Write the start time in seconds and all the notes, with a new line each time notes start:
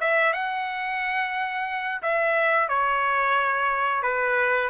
0.00 E5
0.32 F#5
2.02 E5
2.68 C#5
4.02 B4